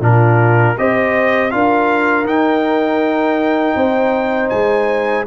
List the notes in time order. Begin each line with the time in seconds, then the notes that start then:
0.00 A#2 D4 F4 A#4
0.78 C4 G4 C5 D#5
1.50 D4 F4 A#4 F5
2.25 D#4 G5
3.75 C4 C5
4.50 G#3 G#5